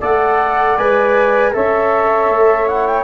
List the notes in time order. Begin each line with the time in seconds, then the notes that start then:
0.00 A3 A4 D5 F#5
0.78 G#3 B4 G#5
1.54 C#4 A4 C#5 E5
2.30 A3
2.68 E4 F#5
2.87 G5